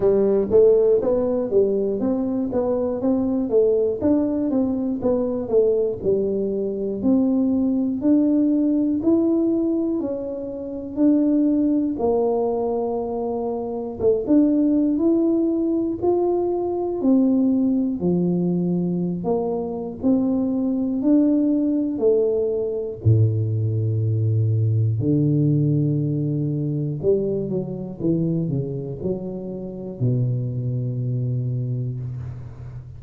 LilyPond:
\new Staff \with { instrumentName = "tuba" } { \time 4/4 \tempo 4 = 60 g8 a8 b8 g8 c'8 b8 c'8 a8 | d'8 c'8 b8 a8 g4 c'4 | d'4 e'4 cis'4 d'4 | ais2 a16 d'8. e'4 |
f'4 c'4 f4~ f16 ais8. | c'4 d'4 a4 a,4~ | a,4 d2 g8 fis8 | e8 cis8 fis4 b,2 | }